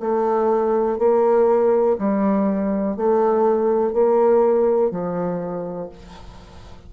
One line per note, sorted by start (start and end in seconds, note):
0.00 0.98 A3
0.98 1.97 A#3
1.99 2.96 G3
2.96 3.93 A3
3.93 4.91 A#3
4.91 5.89 F3